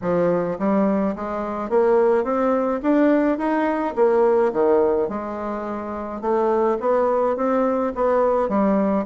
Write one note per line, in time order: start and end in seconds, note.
0.01 0.58 F3
0.58 1.15 G3
1.15 1.69 G#3
1.69 2.24 A#3
2.24 2.80 C4
2.82 3.38 D4
3.38 3.94 D#4
3.95 4.52 A#3
4.53 5.08 D#3
5.08 6.21 G#3
6.21 6.77 A3
6.80 7.36 B3
7.36 7.92 C4
7.95 8.49 B3
8.49 9.05 G3